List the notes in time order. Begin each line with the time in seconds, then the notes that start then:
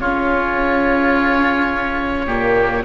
0.00 C#3 C#4 F4 C#5
2.26 A#2 A#3 G4